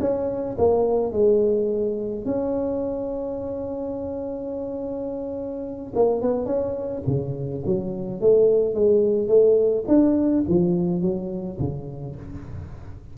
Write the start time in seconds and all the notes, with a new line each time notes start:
0.00 C#4
0.58 A#3
1.12 G#3
2.25 C#4
5.95 A#3
6.22 B3
6.46 C#4
7.07 C#3
7.65 F#3
8.21 A3
8.75 G#3
9.28 A3
9.88 D4
10.48 F3
11.01 F#3
11.59 C#3